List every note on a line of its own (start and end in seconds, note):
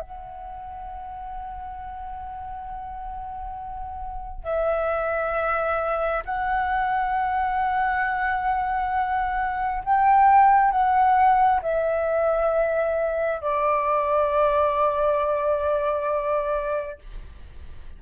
0.00 4.44 F#5
4.44 6.23 E5
6.25 9.83 F#5
9.84 10.71 G5
10.71 11.61 F#5
11.63 13.41 E5
13.41 16.99 D5